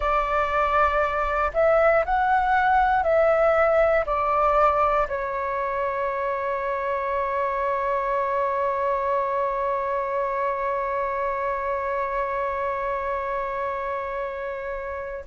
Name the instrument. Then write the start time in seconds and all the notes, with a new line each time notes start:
flute
0.00 D5
1.53 E5
2.05 F#5
3.03 E5
4.05 D5
5.08 C#5